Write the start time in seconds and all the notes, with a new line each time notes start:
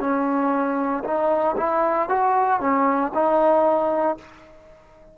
0.00 C#4
1.04 D#4
1.58 E4
2.09 F#4
2.61 C#4
3.15 D#4